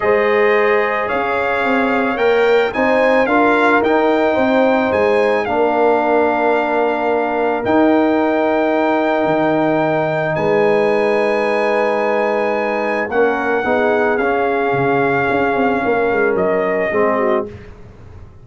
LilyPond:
<<
  \new Staff \with { instrumentName = "trumpet" } { \time 4/4 \tempo 4 = 110 dis''2 f''2 | g''4 gis''4 f''4 g''4~ | g''4 gis''4 f''2~ | f''2 g''2~ |
g''2. gis''4~ | gis''1 | fis''2 f''2~ | f''2 dis''2 | }
  \new Staff \with { instrumentName = "horn" } { \time 4/4 c''2 cis''2~ | cis''4 c''4 ais'2 | c''2 ais'2~ | ais'1~ |
ais'2. b'4~ | b'1 | ais'4 gis'2.~ | gis'4 ais'2 gis'8 fis'8 | }
  \new Staff \with { instrumentName = "trombone" } { \time 4/4 gis'1 | ais'4 dis'4 f'4 dis'4~ | dis'2 d'2~ | d'2 dis'2~ |
dis'1~ | dis'1 | cis'4 dis'4 cis'2~ | cis'2. c'4 | }
  \new Staff \with { instrumentName = "tuba" } { \time 4/4 gis2 cis'4 c'4 | ais4 c'4 d'4 dis'4 | c'4 gis4 ais2~ | ais2 dis'2~ |
dis'4 dis2 gis4~ | gis1 | ais4 b4 cis'4 cis4 | cis'8 c'8 ais8 gis8 fis4 gis4 | }
>>